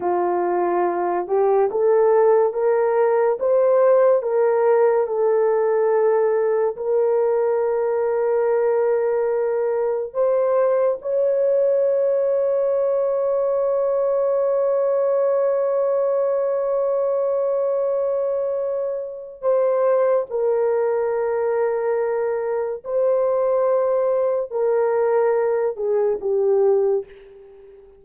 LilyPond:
\new Staff \with { instrumentName = "horn" } { \time 4/4 \tempo 4 = 71 f'4. g'8 a'4 ais'4 | c''4 ais'4 a'2 | ais'1 | c''4 cis''2.~ |
cis''1~ | cis''2. c''4 | ais'2. c''4~ | c''4 ais'4. gis'8 g'4 | }